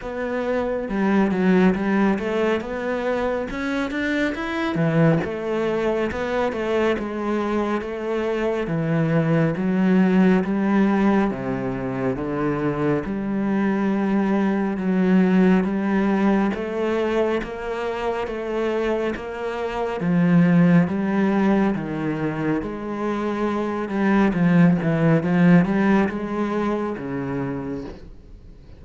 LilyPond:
\new Staff \with { instrumentName = "cello" } { \time 4/4 \tempo 4 = 69 b4 g8 fis8 g8 a8 b4 | cis'8 d'8 e'8 e8 a4 b8 a8 | gis4 a4 e4 fis4 | g4 c4 d4 g4~ |
g4 fis4 g4 a4 | ais4 a4 ais4 f4 | g4 dis4 gis4. g8 | f8 e8 f8 g8 gis4 cis4 | }